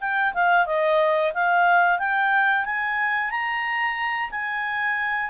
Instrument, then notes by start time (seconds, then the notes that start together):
clarinet
0.00 G5
0.34 F5
0.66 D#5
1.34 F5
1.99 G5
2.65 G#5
3.30 A#5
4.31 G#5